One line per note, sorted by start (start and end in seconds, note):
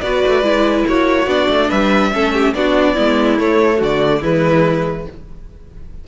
0.00 0.23 B3
0.00 0.43 F#4
0.00 0.88 B4
0.00 0.84 D5
0.26 0.42 A3
0.42 0.84 G#3
0.42 1.27 E4
0.87 1.26 A#3
0.87 1.69 F#4
0.87 1.29 C#5
1.26 1.47 B3
1.26 2.12 D4
1.26 1.70 D5
1.49 1.70 A3
1.69 2.13 G3
1.69 2.11 B4
1.69 2.54 E5
2.12 2.54 A3
2.12 2.54 C#4
2.12 2.33 A4
2.33 2.54 G4
2.54 2.96 B3
2.54 2.96 D4
2.54 2.93 F#4
2.54 3.38 D5
2.93 3.40 G#3
2.93 3.37 B3
2.93 3.77 E4
3.37 4.21 A3
3.37 3.81 A3
3.37 3.81 C#5
3.77 4.23 D3
3.77 4.19 F#4
3.83 4.23 D5
4.21 5.07 E3
4.21 5.05 G#3
4.21 5.04 E4
4.21 5.07 B4